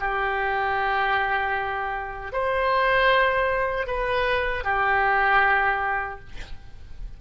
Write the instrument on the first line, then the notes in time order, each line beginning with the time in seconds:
oboe
0.00 G4
2.33 C5
3.87 B4
4.64 G4